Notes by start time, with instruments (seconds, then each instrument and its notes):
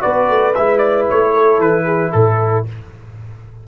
0.00 tuba B3, trombone F#4, horn B4, trumpet D5
0.29 tuba A3
0.54 tuba G#3, trombone E4, trumpet E5
0.78 trumpet D5
1.09 tuba A3, trumpet C#5
1.34 horn A4
1.58 tuba E3, trumpet B4
1.85 horn G#4
2.12 tuba A2, trumpet A4, horn A4